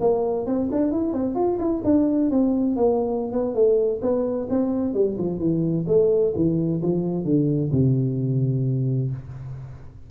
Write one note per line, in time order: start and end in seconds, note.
0.00 0.46 A#3
0.46 0.69 C4
0.72 0.91 D4
0.91 1.13 E4
1.13 1.35 C4
1.35 1.58 F4
1.58 1.81 E4
1.84 2.30 D4
2.30 2.76 C4
2.76 3.32 A#3
3.32 3.54 B3
3.54 4.00 A3
4.02 4.48 B3
4.50 4.94 C4
4.94 5.17 G3
5.18 5.39 F3
5.39 5.85 E3
5.87 6.33 A3
6.35 6.81 E3
6.82 7.24 F3
7.24 7.71 D3
7.72 9.10 C3